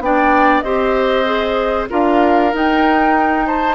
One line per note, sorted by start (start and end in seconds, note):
0.00 0.62 B3
0.00 0.64 D4
0.00 0.64 D5
0.00 0.61 G5
0.61 1.89 C4
0.61 1.25 G4
0.61 1.89 C5
0.61 1.86 D#5
1.25 1.88 G#4
1.90 2.54 D4
1.90 2.52 F4
1.90 3.46 A#4
1.90 2.55 F5
2.53 3.75 D#4
2.53 3.47 G5
3.47 3.75 C5
3.47 3.75 A5